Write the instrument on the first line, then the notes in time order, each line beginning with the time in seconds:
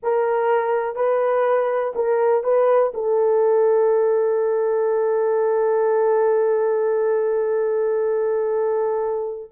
horn
0.02 A#4
0.95 B4
1.95 A#4
2.43 B4
2.94 A4